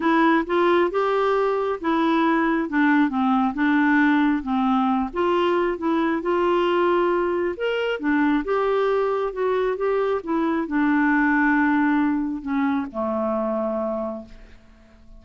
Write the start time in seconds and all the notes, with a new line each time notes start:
0.00 E4
0.46 F4
0.91 G4
1.80 E4
2.69 D4
3.09 C4
3.54 D4
4.42 C4
5.13 F4
5.78 E4
6.22 F4
7.57 A#4
7.99 D4
8.44 G4
9.33 F#4
9.76 G4
10.23 E4
10.67 D4
12.42 C#4
12.92 A3